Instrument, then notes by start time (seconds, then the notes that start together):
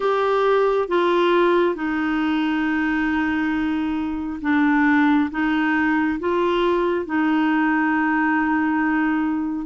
clarinet
0.00 G4
0.88 F4
1.75 D#4
4.41 D4
5.31 D#4
6.19 F4
7.05 D#4